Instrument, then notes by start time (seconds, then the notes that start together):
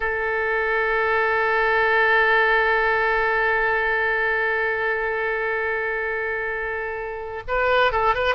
oboe
0.00 A4
7.47 B4
7.92 A4
8.14 B4